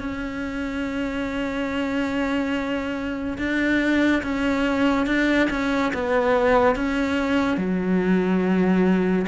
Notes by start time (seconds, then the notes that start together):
0.00 C#4
3.38 D4
4.23 C#4
5.07 D4
5.50 C#4
5.94 B3
6.76 C#4
7.57 F#3